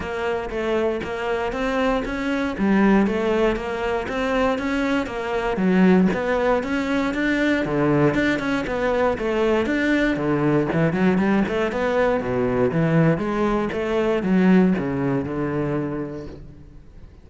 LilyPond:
\new Staff \with { instrumentName = "cello" } { \time 4/4 \tempo 4 = 118 ais4 a4 ais4 c'4 | cis'4 g4 a4 ais4 | c'4 cis'4 ais4 fis4 | b4 cis'4 d'4 d4 |
d'8 cis'8 b4 a4 d'4 | d4 e8 fis8 g8 a8 b4 | b,4 e4 gis4 a4 | fis4 cis4 d2 | }